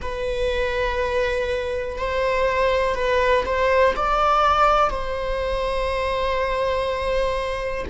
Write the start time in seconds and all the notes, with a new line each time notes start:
0.01 B4
1.97 C5
2.94 B4
3.45 C5
3.96 D5
4.90 C5